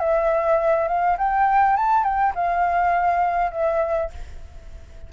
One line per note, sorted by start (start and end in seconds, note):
0.00 0.88 E5
0.88 1.18 F5
1.18 1.77 G5
1.77 2.04 A5
2.04 2.34 G5
2.36 3.52 F5
3.52 4.11 E5